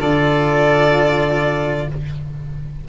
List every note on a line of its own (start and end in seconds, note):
0.00 1.88 D3
0.00 1.88 F4
0.00 1.88 A4
0.00 1.89 D5